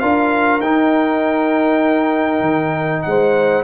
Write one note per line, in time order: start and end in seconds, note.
0.00 0.60 D4
0.00 0.62 F4
0.00 3.05 A#4
0.00 0.61 F5
0.60 2.41 D#4
0.60 3.65 D#4
0.60 3.03 G5
2.41 3.02 D#3
3.03 3.65 G#3
3.03 3.65 C5
3.03 3.64 F#5